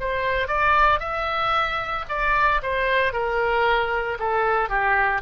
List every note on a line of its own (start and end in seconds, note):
0.00 0.47 C5
0.47 1.00 D5
1.00 2.05 E5
2.09 2.61 D5
2.62 3.13 C5
3.13 4.18 A#4
4.19 4.69 A4
4.69 5.22 G4